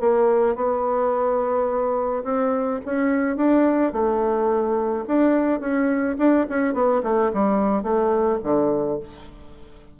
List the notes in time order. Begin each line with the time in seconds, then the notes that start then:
0.00 A#3
0.55 B3
2.24 C4
2.85 C#4
3.36 D4
3.92 A3
5.07 D4
5.60 C#4
6.18 D4
6.49 C#4
6.74 B3
7.03 A3
7.33 G3
7.82 A3
8.43 D3